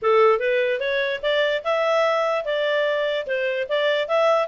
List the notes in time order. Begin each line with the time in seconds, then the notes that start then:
0.01 A4
0.39 B4
0.80 C#5
1.22 D5
1.64 E5
2.44 D5
3.26 C5
3.68 D5
4.08 E5